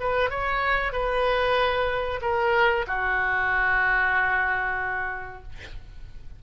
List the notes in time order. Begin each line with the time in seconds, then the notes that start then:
0.00 B4
0.30 C#5
0.93 B4
2.22 A#4
2.87 F#4